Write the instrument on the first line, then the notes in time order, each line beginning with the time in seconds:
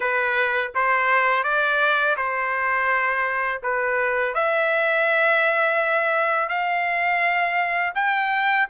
trumpet
0.00 B4
0.75 C5
1.43 D5
2.17 C5
3.62 B4
4.34 E5
6.48 F5
7.94 G5